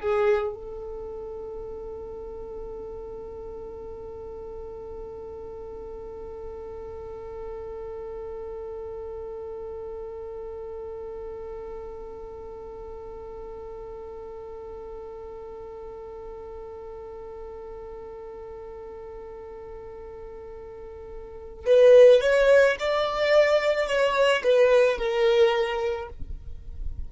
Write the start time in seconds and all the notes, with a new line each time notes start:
0.00 G#4
0.55 A4
21.66 B4
22.21 C#5
22.80 D5
23.87 C#5
24.43 B4
24.98 A#4